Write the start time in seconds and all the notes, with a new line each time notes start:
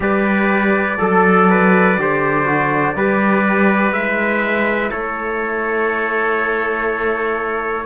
0.00 G3 G4 B4 D5
0.98 F#3 A4
1.50 B4
1.97 D3 G4 C5
2.44 F#4
2.95 G3 G4 B4
3.91 G#3 E4 E5
4.91 A3 A4 C#5